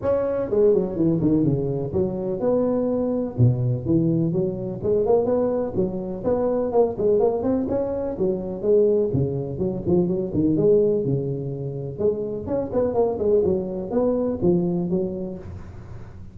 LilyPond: \new Staff \with { instrumentName = "tuba" } { \time 4/4 \tempo 4 = 125 cis'4 gis8 fis8 e8 dis8 cis4 | fis4 b2 b,4 | e4 fis4 gis8 ais8 b4 | fis4 b4 ais8 gis8 ais8 c'8 |
cis'4 fis4 gis4 cis4 | fis8 f8 fis8 dis8 gis4 cis4~ | cis4 gis4 cis'8 b8 ais8 gis8 | fis4 b4 f4 fis4 | }